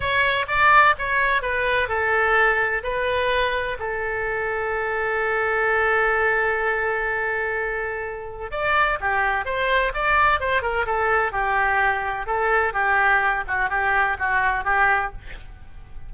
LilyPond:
\new Staff \with { instrumentName = "oboe" } { \time 4/4 \tempo 4 = 127 cis''4 d''4 cis''4 b'4 | a'2 b'2 | a'1~ | a'1~ |
a'2 d''4 g'4 | c''4 d''4 c''8 ais'8 a'4 | g'2 a'4 g'4~ | g'8 fis'8 g'4 fis'4 g'4 | }